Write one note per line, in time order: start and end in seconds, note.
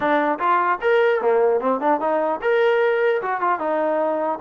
0.00 0.39 D4
0.39 0.79 F4
0.81 1.21 A#4
1.21 1.60 A#3
1.60 1.80 C4
1.80 2.00 D4
2.00 2.40 D#4
2.41 3.21 A#4
3.22 3.40 F#4
3.40 3.59 F4
3.59 4.39 D#4